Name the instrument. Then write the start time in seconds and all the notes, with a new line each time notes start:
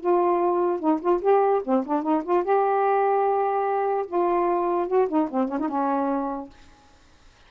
saxophone
0.00 F4
0.79 D#4
1.01 F4
1.21 G4
1.64 C4
1.86 D4
2.02 D#4
2.24 F4
2.44 G4
4.06 F4
4.87 F#4
5.08 D#4
5.30 C4
5.48 C#4
5.59 D#4
5.68 C#4